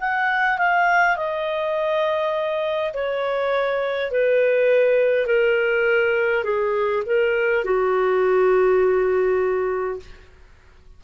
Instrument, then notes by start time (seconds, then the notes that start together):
clarinet
0.00 F#5
0.58 F5
1.17 D#5
2.94 C#5
4.12 B4
5.27 A#4
6.44 G#4
7.06 A#4
7.65 F#4